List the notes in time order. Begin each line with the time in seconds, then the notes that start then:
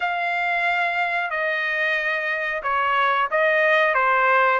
0.00 F5
1.30 D#5
2.62 C#5
3.30 D#5
3.94 C5